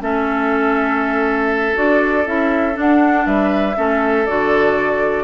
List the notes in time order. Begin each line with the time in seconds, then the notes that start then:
0.00 A3 C#4 A4 E5
1.74 D4 F#4 D5
2.26 C#4 E4 E5
2.73 D4 F#5
3.26 G3 B4 E5
3.76 A3 C#4 A4
4.26 D3 F#4 D5